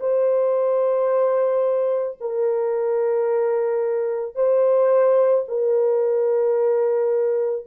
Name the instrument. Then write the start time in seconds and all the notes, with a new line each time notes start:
horn
0.00 C5
2.21 A#4
4.35 C5
5.48 A#4